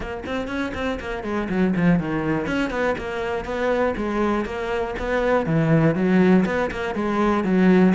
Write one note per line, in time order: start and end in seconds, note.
0.00 0.23 A#3
0.25 0.47 C4
0.47 0.72 C#4
0.74 0.99 C4
1.00 1.23 A#3
1.23 1.48 G#3
1.49 1.74 F#3
1.75 1.99 F3
1.99 2.47 D#3
2.47 2.70 C#4
2.70 2.95 B3
2.98 3.44 A#3
3.44 3.94 B3
3.96 4.45 G#3
4.45 4.95 A#3
4.98 5.46 B3
5.46 5.95 E3
5.95 6.45 F#3
6.45 6.70 B3
6.71 6.94 A#3
6.94 7.44 G#3
7.44 7.93 F#3